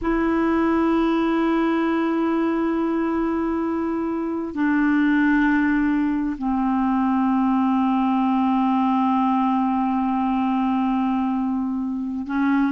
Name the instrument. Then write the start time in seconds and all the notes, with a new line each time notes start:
clarinet
0.01 E4
4.54 D4
6.38 C4
12.26 C#4